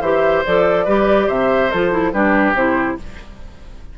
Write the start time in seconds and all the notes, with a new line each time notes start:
0.00 E3 G4 C5 E5
0.45 F3 A4 D5
0.84 G3 G4 B4
1.26 C3 C5 E5
1.71 F3 F4 A4
1.90 E4
2.12 G3 D4 G4 B4
2.54 C3 E4 C5